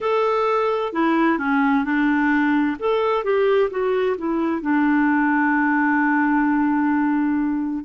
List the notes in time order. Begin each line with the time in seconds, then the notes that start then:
0.00 A4
0.92 E4
1.38 C#4
1.84 D4
2.79 A4
3.23 G4
3.70 F#4
4.17 E4
4.62 D4